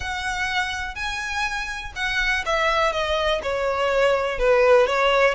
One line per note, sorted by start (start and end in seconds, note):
0.00 0.95 F#5
0.95 1.92 G#5
1.95 2.44 F#5
2.45 2.92 E5
2.92 3.41 D#5
3.43 4.38 C#5
4.38 4.86 B4
4.86 5.34 C#5